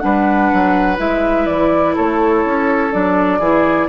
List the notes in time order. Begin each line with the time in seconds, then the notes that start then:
0.00 G3 D4 B4 F#5
0.53 F#3
0.97 G#3 E4 E5
1.46 E3 D5
1.95 A3 A4 C#5
2.45 C#4
2.92 F#3 D4 D5
3.39 E3 E4 G#4